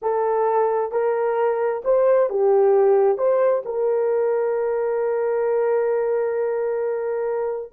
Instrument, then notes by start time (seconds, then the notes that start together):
horn
0.01 A4
0.91 A#4
1.84 C5
2.29 G4
3.17 C5
3.65 A#4